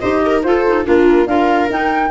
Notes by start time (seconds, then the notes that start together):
0.00 D#4 G4 C5 D#5
0.26 A#4
0.43 F4 A4 C5
0.67 D#4
0.85 A#3 D4 F4 A#4
1.27 D4 F4 A#4 F5
1.70 D#4 G5